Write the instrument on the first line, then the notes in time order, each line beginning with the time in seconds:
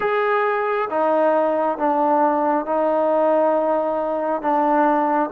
trombone
0.00 G#4
0.89 D#4
1.78 D4
2.65 D#4
4.41 D4